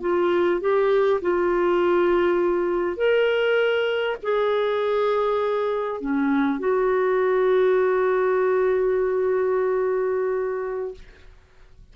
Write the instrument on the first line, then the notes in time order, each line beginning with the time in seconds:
clarinet
0.00 F4
0.60 G4
1.21 F4
2.96 A#4
4.22 G#4
6.00 C#4
6.59 F#4